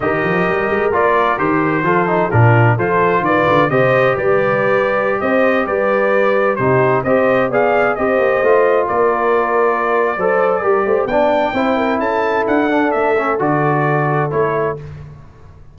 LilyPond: <<
  \new Staff \with { instrumentName = "trumpet" } { \time 4/4 \tempo 4 = 130 dis''2 d''4 c''4~ | c''4 ais'4 c''4 d''4 | dis''4 d''2~ d''16 dis''8.~ | dis''16 d''2 c''4 dis''8.~ |
dis''16 f''4 dis''2 d''8.~ | d''1 | g''2 a''4 fis''4 | e''4 d''2 cis''4 | }
  \new Staff \with { instrumentName = "horn" } { \time 4/4 ais'1 | a'4 f'4 a'4 b'4 | c''4 b'2~ b'16 c''8.~ | c''16 b'2 g'4 c''8.~ |
c''16 d''4 c''2 ais'8.~ | ais'2 c''4 ais'8 c''8 | d''4 c''8 ais'8 a'2~ | a'1 | }
  \new Staff \with { instrumentName = "trombone" } { \time 4/4 g'2 f'4 g'4 | f'8 dis'8 d'4 f'2 | g'1~ | g'2~ g'16 dis'4 g'8.~ |
g'16 gis'4 g'4 f'4.~ f'16~ | f'2 a'4 g'4 | d'4 e'2~ e'8 d'8~ | d'8 cis'8 fis'2 e'4 | }
  \new Staff \with { instrumentName = "tuba" } { \time 4/4 dis8 f8 g8 gis8 ais4 dis4 | f4 ais,4 f4 dis8 d8 | c4 g2~ g16 c'8.~ | c'16 g2 c4 c'8.~ |
c'16 b4 c'8 ais8 a4 ais8.~ | ais2 fis4 g8 a8 | b4 c'4 cis'4 d'4 | a4 d2 a4 | }
>>